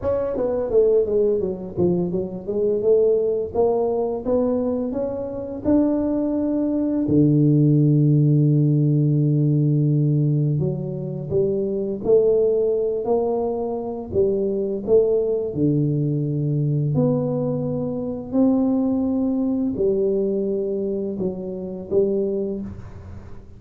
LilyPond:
\new Staff \with { instrumentName = "tuba" } { \time 4/4 \tempo 4 = 85 cis'8 b8 a8 gis8 fis8 f8 fis8 gis8 | a4 ais4 b4 cis'4 | d'2 d2~ | d2. fis4 |
g4 a4. ais4. | g4 a4 d2 | b2 c'2 | g2 fis4 g4 | }